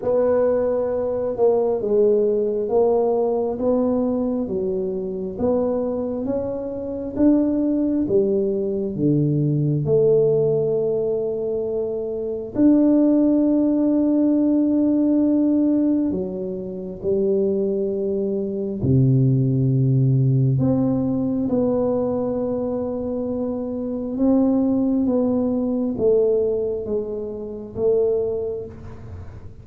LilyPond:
\new Staff \with { instrumentName = "tuba" } { \time 4/4 \tempo 4 = 67 b4. ais8 gis4 ais4 | b4 fis4 b4 cis'4 | d'4 g4 d4 a4~ | a2 d'2~ |
d'2 fis4 g4~ | g4 c2 c'4 | b2. c'4 | b4 a4 gis4 a4 | }